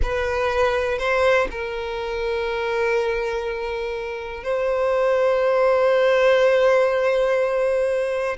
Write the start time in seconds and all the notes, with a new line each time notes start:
0.02 B4
0.98 C5
1.50 A#4
4.43 C5